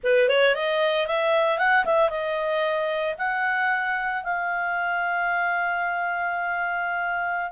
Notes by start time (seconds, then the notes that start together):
0.03 B4
0.28 C#5
0.55 D#5
1.06 E5
1.58 F#5
1.85 E5
2.09 D#5
3.18 F#5
4.23 F5